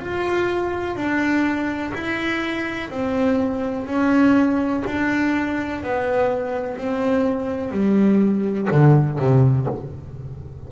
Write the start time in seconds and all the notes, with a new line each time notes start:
0.00 F4
0.96 D4
1.94 E4
2.91 C4
3.87 C#4
4.87 D4
5.83 B3
6.78 C4
7.72 G3
8.71 D3
9.19 C3